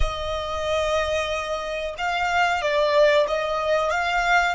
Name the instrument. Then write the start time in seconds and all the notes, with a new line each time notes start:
violin
0.00 D#5
1.97 F5
2.61 D5
3.27 D#5
3.90 F5